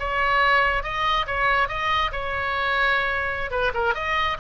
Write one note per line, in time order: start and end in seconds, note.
0.00 0.84 C#5
0.84 1.27 D#5
1.27 1.69 C#5
1.69 2.12 D#5
2.12 3.51 C#5
3.51 3.72 B4
3.74 3.95 A#4
3.95 4.38 D#5